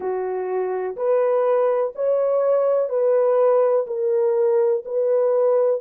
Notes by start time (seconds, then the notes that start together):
0.00 F#4
0.96 B4
1.95 C#5
2.89 B4
3.87 A#4
4.85 B4